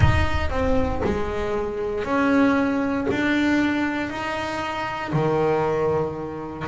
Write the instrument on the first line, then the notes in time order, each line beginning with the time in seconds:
double bass
0.00 D#4
0.50 C4
1.04 G#3
2.04 C#4
3.10 D4
4.09 D#4
5.12 D#3